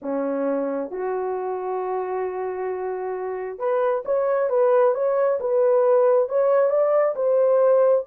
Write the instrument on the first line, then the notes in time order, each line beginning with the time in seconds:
horn
0.02 C#4
0.91 F#4
3.58 B4
4.05 C#5
4.49 B4
4.94 C#5
5.40 B4
6.28 C#5
6.70 D5
7.15 C5